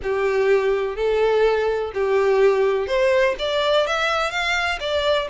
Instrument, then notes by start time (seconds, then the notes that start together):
violin
0.02 G4
0.96 A4
1.94 G4
2.87 C5
3.38 D5
3.86 E5
4.30 F5
4.80 D5